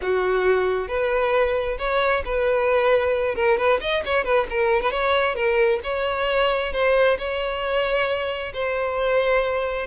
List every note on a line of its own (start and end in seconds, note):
0.01 0.88 F#4
0.88 1.77 B4
1.78 2.23 C#5
2.25 3.35 B4
3.35 3.57 A#4
3.57 3.80 B4
3.80 4.03 D#5
4.05 4.24 C#5
4.24 4.46 B4
4.49 4.82 A#4
4.82 4.91 B4
4.91 5.35 C#5
5.35 5.79 A#4
5.83 6.73 C#5
6.73 7.17 C5
7.18 8.52 C#5
8.53 9.86 C5